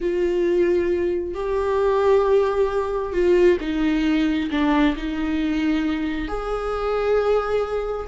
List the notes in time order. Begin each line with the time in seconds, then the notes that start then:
0.00 F4
1.34 G4
3.12 F4
3.60 D#4
4.50 D4
4.96 D#4
6.28 G#4